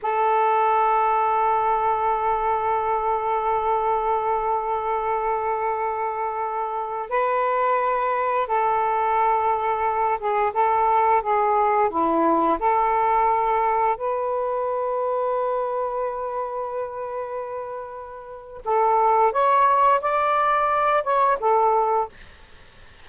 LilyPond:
\new Staff \with { instrumentName = "saxophone" } { \time 4/4 \tempo 4 = 87 a'1~ | a'1~ | a'2~ a'16 b'4.~ b'16~ | b'16 a'2~ a'8 gis'8 a'8.~ |
a'16 gis'4 e'4 a'4.~ a'16~ | a'16 b'2.~ b'8.~ | b'2. a'4 | cis''4 d''4. cis''8 a'4 | }